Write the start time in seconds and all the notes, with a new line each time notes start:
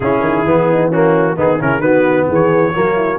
0.00 C#3 C#4 E4 G#4
0.21 D#3
0.45 E3 B3
0.70 D#4
0.88 A#3 C#4 F#4
1.36 D#3 B3 D#4 G#4
1.59 C#3 C#4 E4 A#4
1.79 D#3 B3 F#4 B4
2.28 E3 G#4 C#5
2.73 F#3 A#3 F#4
2.95 E4